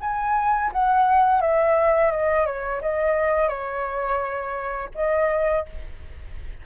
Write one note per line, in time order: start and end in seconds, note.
0.00 0.71 G#5
0.72 1.41 F#5
1.41 2.11 E5
2.11 2.45 D#5
2.45 2.81 C#5
2.81 3.48 D#5
3.48 4.89 C#5
4.94 5.65 D#5